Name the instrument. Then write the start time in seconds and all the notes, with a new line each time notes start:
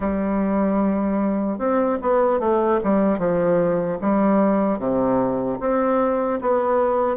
bassoon
0.00 G3
1.58 C4
2.01 B3
2.39 A3
2.83 G3
3.18 F3
4.01 G3
4.79 C3
5.60 C4
6.41 B3